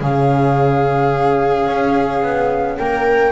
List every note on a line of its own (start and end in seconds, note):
0.00 1.67 C#3
0.00 3.32 C#4
0.00 2.78 G#4
0.00 2.78 F5
1.67 2.23 C#4
2.23 2.78 B3
2.78 3.32 A#3
2.78 3.32 A#4
2.78 3.32 G5